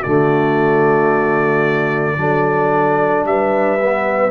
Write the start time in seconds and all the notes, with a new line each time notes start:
0.00 A3 F#4 D5
0.06 D3
2.18 F#3 D4 A4
3.25 G3 B4 E5
3.82 B3